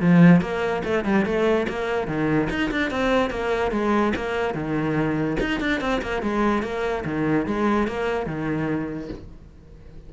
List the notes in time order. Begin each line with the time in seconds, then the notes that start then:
0.00 F3
0.41 A#3
0.84 A3
1.04 G3
1.25 A3
1.69 A#3
2.07 D#3
2.50 D#4
2.71 D4
2.91 C4
3.30 A#3
3.71 G#3
4.15 A#3
4.54 D#3
5.40 D#4
5.60 D4
5.80 C4
6.02 A#3
6.22 G#3
6.62 A#3
7.05 D#3
7.46 G#3
7.87 A#3
8.26 D#3